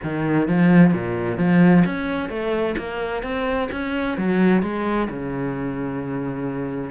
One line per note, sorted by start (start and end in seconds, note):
0.03 0.48 D#3
0.48 0.93 F3
0.93 1.37 A#2
1.37 1.83 F3
1.85 2.29 C#4
2.29 2.75 A3
2.78 3.22 A#3
3.22 3.69 C4
3.71 4.17 C#4
4.17 4.62 F#3
4.62 5.08 G#3
5.09 6.90 C#3